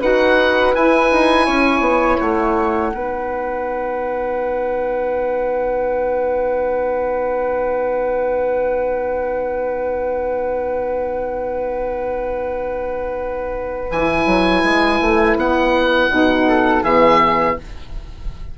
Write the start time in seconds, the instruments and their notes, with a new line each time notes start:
0.00 bassoon D#4, saxophone F#4, flute B4, oboe F#5
0.75 bassoon E4, saxophone E4, oboe G#5
1.11 bassoon D#4
1.45 bassoon C#4, flute C#5
1.80 bassoon B3
2.20 bassoon A3, oboe F#5
2.93 bassoon B3, saxophone D#4, flute B4
13.91 bassoon E3, saxophone E4, oboe G#5
14.26 bassoon F#3
14.63 bassoon G#3
15.01 bassoon A3
15.36 bassoon B3, oboe F#5
16.10 bassoon B2, saxophone D#4
16.48 flute A4
16.83 bassoon E3, saxophone B3, flute G#4, oboe E5